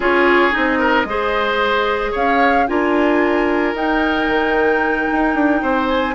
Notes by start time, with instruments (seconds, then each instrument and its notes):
0.00 bassoon C#4, clarinet F4, oboe G#4, flute C#5
0.51 bassoon C4, clarinet D#4, flute D#5
0.78 oboe A#4
1.04 bassoon G#3, clarinet G#4, oboe C5
2.11 bassoon C#4, oboe C#5, flute F5
2.67 bassoon D4, clarinet F4, oboe A#4, flute G#5
3.74 bassoon D#4, clarinet D#4, flute G5
4.27 bassoon D#3
5.11 bassoon D#4
5.34 bassoon D4
5.61 bassoon C4, oboe C5
5.88 flute G#5